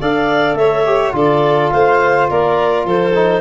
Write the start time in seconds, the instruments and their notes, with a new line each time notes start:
0.00 tuba D4, trombone A4, violin D5, clarinet F5
0.54 tuba A3, violin C#5, clarinet E5
0.85 trombone G4
1.11 tuba D3, trombone F4, violin A4, clarinet D5
1.70 tuba A3, violin C5, clarinet F5
2.29 tuba A#3, violin A#4, clarinet D5
2.84 tuba F3, violin A4, clarinet C5
3.14 trombone D#4